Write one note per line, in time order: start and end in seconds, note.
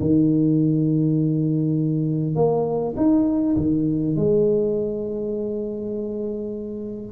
0.00 2.35 D#3
2.35 2.94 A#3
2.96 3.56 D#4
3.56 4.16 D#3
4.16 7.12 G#3